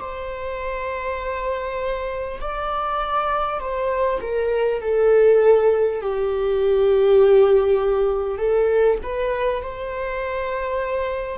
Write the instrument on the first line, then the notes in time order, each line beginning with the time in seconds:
viola
0.00 C5
2.41 D5
3.60 C5
4.21 A#4
4.82 A4
6.01 G4
8.38 A4
9.03 B4
9.62 C5